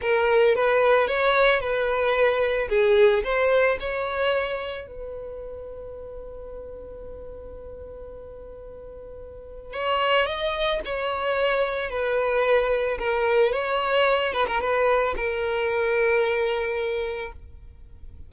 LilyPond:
\new Staff \with { instrumentName = "violin" } { \time 4/4 \tempo 4 = 111 ais'4 b'4 cis''4 b'4~ | b'4 gis'4 c''4 cis''4~ | cis''4 b'2.~ | b'1~ |
b'2 cis''4 dis''4 | cis''2 b'2 | ais'4 cis''4. b'16 ais'16 b'4 | ais'1 | }